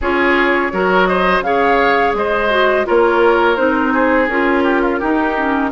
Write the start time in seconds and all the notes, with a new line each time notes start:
0.01 C#4 F4 G#4 C#5
0.71 F#3 F#4 A#4
1.05 C5 D#5
1.40 C#3 G#4 C#5 F5
2.13 G#3 C5 D#5
2.50 F#4
2.85 A#3 F4 A#4 C#5
3.56 C4 D#4 C5
3.93 G#4
4.28 C#4 F4 A#4
4.63 G4
4.81 F4
4.99 D#4 G4
5.37 C#4